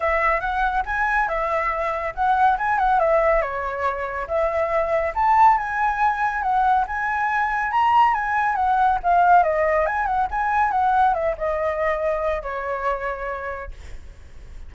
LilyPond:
\new Staff \with { instrumentName = "flute" } { \time 4/4 \tempo 4 = 140 e''4 fis''4 gis''4 e''4~ | e''4 fis''4 gis''8 fis''8 e''4 | cis''2 e''2 | a''4 gis''2 fis''4 |
gis''2 ais''4 gis''4 | fis''4 f''4 dis''4 gis''8 fis''8 | gis''4 fis''4 e''8 dis''4.~ | dis''4 cis''2. | }